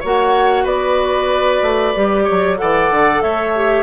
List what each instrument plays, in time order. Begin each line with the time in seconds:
0.00 bassoon A#3, clarinet F#4, oboe C#5, flute F#5
0.64 bassoon B3, oboe B4, flute D5
1.62 bassoon A3
1.96 bassoon G3, clarinet G4
2.24 oboe C#5
2.31 bassoon F#3
2.57 bassoon E3, clarinet A4, oboe D5, flute F#5
2.91 bassoon D3
3.22 bassoon A3, oboe C#5, flute E5
3.55 clarinet G4